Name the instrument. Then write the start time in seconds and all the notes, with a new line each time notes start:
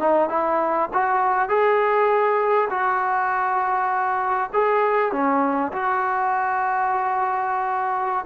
trombone
0.00 D#4
0.29 E4
0.94 F#4
1.49 G#4
2.70 F#4
4.53 G#4
5.12 C#4
5.73 F#4